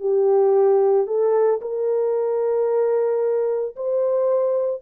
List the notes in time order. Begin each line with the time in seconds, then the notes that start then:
0.00 G4
1.07 A4
1.61 A#4
3.76 C5